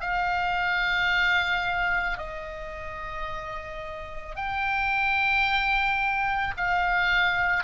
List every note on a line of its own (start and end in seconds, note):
0.00 2.18 F5
2.18 4.36 D#5
4.36 6.54 G5
6.57 7.64 F5